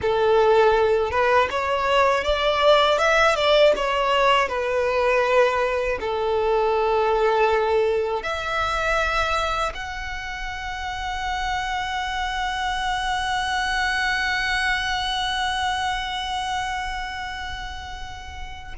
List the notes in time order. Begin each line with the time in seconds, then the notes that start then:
0.01 A4
1.10 B4
1.50 C#5
2.23 D5
2.98 E5
3.35 D5
3.76 C#5
4.48 B4
6.00 A4
8.23 E5
9.74 F#5